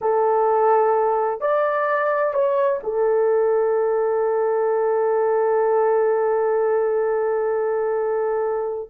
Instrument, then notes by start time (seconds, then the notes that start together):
horn
0.01 A4
1.40 D5
2.33 C#5
2.83 A4